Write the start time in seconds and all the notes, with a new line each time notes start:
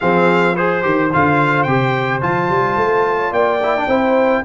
0.00 F3 C4 G#4 F5
0.54 G#4 C5
0.82 D#3 G4
1.12 D3 F4 F5
1.63 C3 G4 G5
2.21 F3 F4 A5
2.48 G3
2.76 A3
3.16 C#5
3.31 A#3 D5 G5
3.63 E4
3.76 D4
3.87 C4 E4 C5